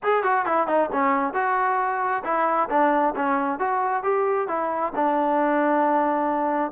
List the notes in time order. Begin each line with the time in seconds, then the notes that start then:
0.03 G#4
0.23 F#4
0.45 E4
0.67 D#4
0.92 C#4
1.33 F#4
2.24 E4
2.69 D4
3.15 C#4
3.59 F#4
4.03 G4
4.48 E4
4.95 D4